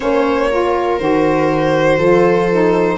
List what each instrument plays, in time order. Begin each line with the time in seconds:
0.00 tuba A#3, saxophone C#4, viola C5, violin C#5
0.50 saxophone F4, viola A#4
0.98 tuba D#3, saxophone F#4, violin C5
1.97 tuba F3, saxophone F4, viola A4
2.51 saxophone D#4